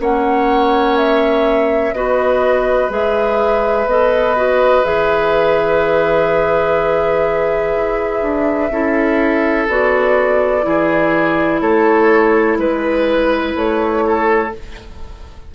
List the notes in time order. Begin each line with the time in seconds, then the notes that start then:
0.00 A#3 C#4 C#5 F#5
0.97 E5
1.93 B3 F#4 B4 D#5
2.90 G#3 G#4 E5
3.86 B3 A4 D#5
4.36 F#4
4.83 E3 G#4 E5
7.76 E4
8.22 D4
8.70 C#4 E4 A4
9.67 B3 F#4 D5
10.62 E3 E4 G#4
11.60 A3 A4 C#5
12.58 G#3 B4
13.55 A3 C#5
14.06 A4